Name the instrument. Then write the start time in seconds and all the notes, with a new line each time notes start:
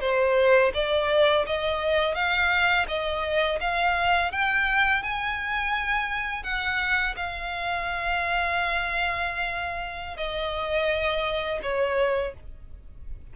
violin
0.00 C5
0.74 D5
1.46 D#5
2.14 F5
2.87 D#5
3.60 F5
4.31 G5
5.02 G#5
6.43 F#5
7.16 F5
10.16 D#5
11.62 C#5